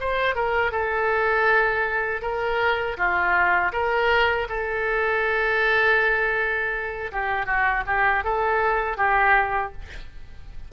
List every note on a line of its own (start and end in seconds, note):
0.00 0.35 C5
0.35 0.72 A#4
0.72 2.22 A4
2.22 2.97 A#4
2.97 3.72 F4
3.72 4.47 A#4
4.49 7.11 A4
7.12 7.46 G4
7.46 7.83 F#4
7.86 8.24 G4
8.24 8.97 A4
8.97 9.72 G4